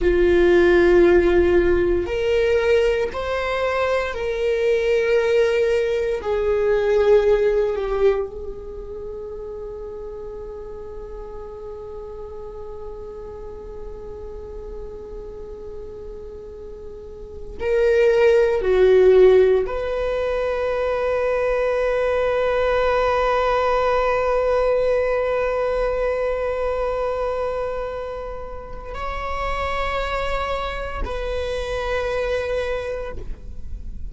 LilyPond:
\new Staff \with { instrumentName = "viola" } { \time 4/4 \tempo 4 = 58 f'2 ais'4 c''4 | ais'2 gis'4. g'8 | gis'1~ | gis'1~ |
gis'4 ais'4 fis'4 b'4~ | b'1~ | b'1 | cis''2 b'2 | }